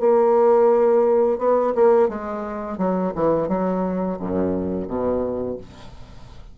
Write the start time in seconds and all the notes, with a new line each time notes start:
0.00 A#3
1.39 B3
1.75 A#3
2.09 G#3
2.78 F#3
3.15 E3
3.49 F#3
4.20 F#2
4.88 B2